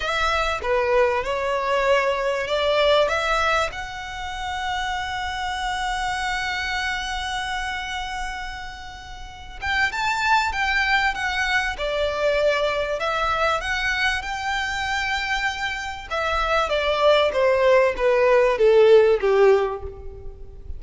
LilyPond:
\new Staff \with { instrumentName = "violin" } { \time 4/4 \tempo 4 = 97 e''4 b'4 cis''2 | d''4 e''4 fis''2~ | fis''1~ | fis''2.~ fis''8 g''8 |
a''4 g''4 fis''4 d''4~ | d''4 e''4 fis''4 g''4~ | g''2 e''4 d''4 | c''4 b'4 a'4 g'4 | }